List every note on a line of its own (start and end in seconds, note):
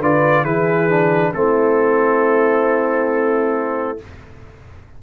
0.00 0.44 D3
0.00 0.46 F4
0.00 0.44 B4
0.00 0.45 D5
0.44 1.32 E3
0.44 0.90 E4
0.44 1.32 G#4
0.44 1.33 B4
0.90 1.34 D4
1.34 4.00 A3
1.34 3.99 C4
1.34 4.03 E4
1.34 3.99 A4